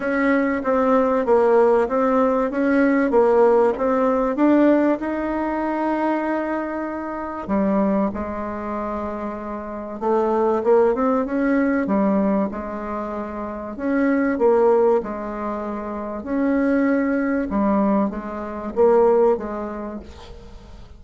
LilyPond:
\new Staff \with { instrumentName = "bassoon" } { \time 4/4 \tempo 4 = 96 cis'4 c'4 ais4 c'4 | cis'4 ais4 c'4 d'4 | dis'1 | g4 gis2. |
a4 ais8 c'8 cis'4 g4 | gis2 cis'4 ais4 | gis2 cis'2 | g4 gis4 ais4 gis4 | }